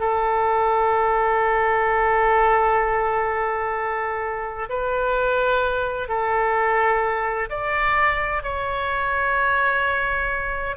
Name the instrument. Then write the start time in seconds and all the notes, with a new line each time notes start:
oboe
0.00 A4
4.69 B4
6.09 A4
7.50 D5
8.43 C#5